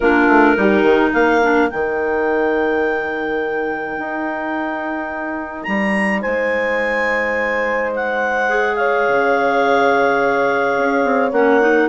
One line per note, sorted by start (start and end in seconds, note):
0.00 0.27 A#3
0.00 0.56 D4
0.00 0.57 F4
0.00 1.12 A#4
0.27 0.55 A3
0.56 0.82 G3
0.56 1.41 D#4
0.56 1.12 G4
0.82 1.10 D#3
1.12 1.70 A#3
1.12 6.20 A#4
1.12 1.69 F5
1.42 1.67 D4
1.67 3.98 D#3
1.67 8.47 D#4
1.67 5.63 G5
3.98 5.67 D#4
5.63 6.24 G3
5.63 6.19 A#5
6.20 9.08 G#3
6.20 8.75 C5
6.20 7.91 G#5
7.95 8.75 F#5
8.48 11.31 G#4
8.75 11.88 C#5
8.75 11.30 F5
9.08 10.77 C#3
10.77 11.04 C#4
11.04 11.31 C4
11.31 11.88 A#3
11.31 11.60 C#4
11.31 11.88 F#5
11.60 11.88 D#4